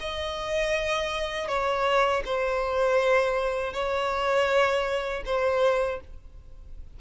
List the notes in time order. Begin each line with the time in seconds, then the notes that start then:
0.00 D#5
1.48 C#5
2.25 C5
3.73 C#5
5.25 C5